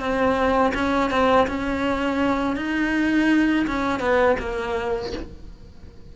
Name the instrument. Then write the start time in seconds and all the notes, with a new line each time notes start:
cello
0.00 C4
0.74 C#4
1.10 C4
1.47 C#4
2.56 D#4
3.67 C#4
4.00 B3
4.39 A#3